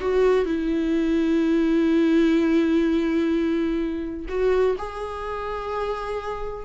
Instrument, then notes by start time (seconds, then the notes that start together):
viola
0.00 F#4
0.45 E4
4.28 F#4
4.78 G#4